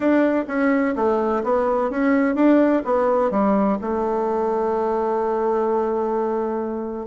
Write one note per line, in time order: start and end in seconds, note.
0.00 0.44 D4
0.47 0.94 C#4
0.95 1.43 A3
1.43 1.90 B3
1.90 2.35 C#4
2.35 2.82 D4
2.85 3.30 B3
3.30 3.78 G3
3.81 7.06 A3